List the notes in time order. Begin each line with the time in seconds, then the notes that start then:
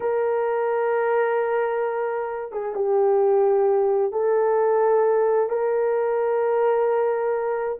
0.00 A#4
2.52 G#4
2.75 G4
4.12 A4
5.49 A#4